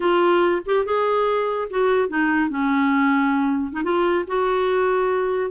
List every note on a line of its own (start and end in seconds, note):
0.00 0.62 F4
0.65 0.85 G4
0.85 1.68 G#4
1.70 2.08 F#4
2.08 2.49 D#4
2.49 3.72 C#4
3.72 3.82 D#4
3.83 4.25 F4
4.27 5.51 F#4